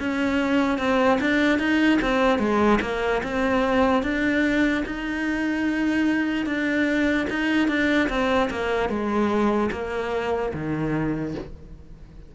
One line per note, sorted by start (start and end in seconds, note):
0.00 0.79 C#4
0.79 1.19 C4
1.21 1.59 D4
1.59 1.99 D#4
2.02 2.39 C4
2.39 2.80 G#3
2.82 3.22 A#3
3.24 4.03 C4
4.03 4.84 D4
4.86 6.46 D#4
6.46 7.28 D4
7.30 7.68 D#4
7.68 8.09 D4
8.09 8.50 C4
8.51 8.89 A#3
8.89 9.70 G#3
9.72 10.53 A#3
10.54 11.35 D#3